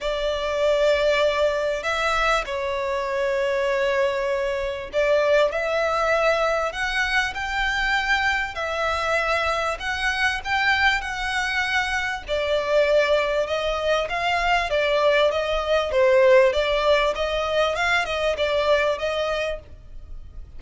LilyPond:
\new Staff \with { instrumentName = "violin" } { \time 4/4 \tempo 4 = 98 d''2. e''4 | cis''1 | d''4 e''2 fis''4 | g''2 e''2 |
fis''4 g''4 fis''2 | d''2 dis''4 f''4 | d''4 dis''4 c''4 d''4 | dis''4 f''8 dis''8 d''4 dis''4 | }